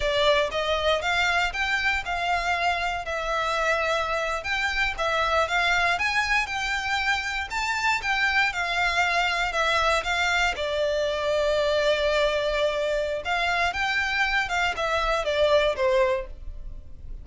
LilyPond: \new Staff \with { instrumentName = "violin" } { \time 4/4 \tempo 4 = 118 d''4 dis''4 f''4 g''4 | f''2 e''2~ | e''8. g''4 e''4 f''4 gis''16~ | gis''8. g''2 a''4 g''16~ |
g''8. f''2 e''4 f''16~ | f''8. d''2.~ d''16~ | d''2 f''4 g''4~ | g''8 f''8 e''4 d''4 c''4 | }